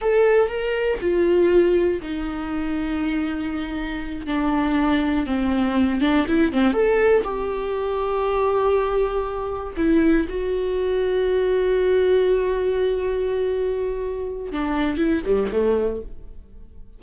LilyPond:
\new Staff \with { instrumentName = "viola" } { \time 4/4 \tempo 4 = 120 a'4 ais'4 f'2 | dis'1~ | dis'8 d'2 c'4. | d'8 e'8 c'8 a'4 g'4.~ |
g'2.~ g'8 e'8~ | e'8 fis'2.~ fis'8~ | fis'1~ | fis'4 d'4 e'8 g8 a4 | }